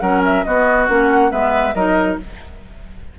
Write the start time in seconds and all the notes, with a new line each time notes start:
0.00 F#3 C#4 A#4 F#5
0.25 E5
0.44 B3 F#4 D#5
0.88 A#3 C#4 F#5
1.30 G#3 B3 B4 E5
1.74 F#3 D#4 A#4 D#5